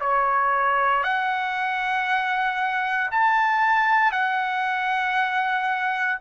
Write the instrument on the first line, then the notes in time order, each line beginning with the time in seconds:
trumpet
0.00 C#5
1.03 F#5
3.11 A5
4.11 F#5